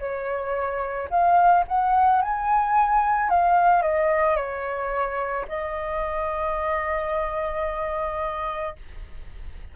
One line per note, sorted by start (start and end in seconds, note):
0.00 1.09 C#5
1.10 1.65 F5
1.69 2.22 F#5
2.22 3.30 G#5
3.30 3.82 F5
3.82 4.36 D#5
4.36 5.45 C#5
5.49 8.76 D#5